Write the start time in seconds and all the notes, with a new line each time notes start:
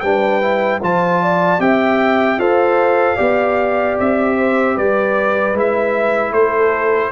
0.00 G3 D4 B4 G5
0.41 E4
0.82 F3 F4 C5 A5
1.22 D5
1.59 C4 G4 E5 G5
2.38 F4 A4 C5 F5
3.16 B3 G4 D5
3.99 C4 E5
4.37 C5
4.75 G3 B4 D5
5.53 G#3 E4 E5
6.32 A3 A4 C5